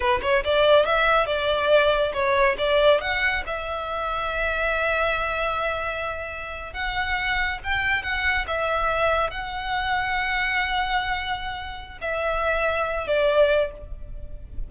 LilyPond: \new Staff \with { instrumentName = "violin" } { \time 4/4 \tempo 4 = 140 b'8 cis''8 d''4 e''4 d''4~ | d''4 cis''4 d''4 fis''4 | e''1~ | e''2.~ e''8. fis''16~ |
fis''4.~ fis''16 g''4 fis''4 e''16~ | e''4.~ e''16 fis''2~ fis''16~ | fis''1 | e''2~ e''8 d''4. | }